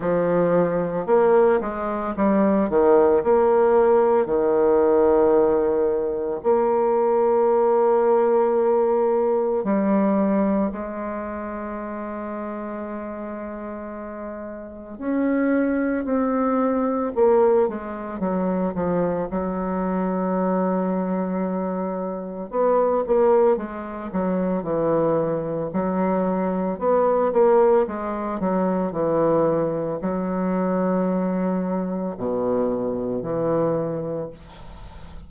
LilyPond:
\new Staff \with { instrumentName = "bassoon" } { \time 4/4 \tempo 4 = 56 f4 ais8 gis8 g8 dis8 ais4 | dis2 ais2~ | ais4 g4 gis2~ | gis2 cis'4 c'4 |
ais8 gis8 fis8 f8 fis2~ | fis4 b8 ais8 gis8 fis8 e4 | fis4 b8 ais8 gis8 fis8 e4 | fis2 b,4 e4 | }